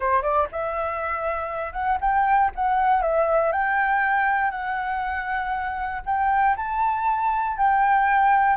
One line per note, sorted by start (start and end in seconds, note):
0.00 0.22 C5
0.22 0.47 D5
0.51 1.72 E5
1.72 1.98 F#5
2.00 2.51 G5
2.55 3.02 F#5
3.02 3.52 E5
3.52 4.50 G5
4.50 6.02 F#5
6.05 6.56 G5
6.56 7.57 A5
7.57 8.56 G5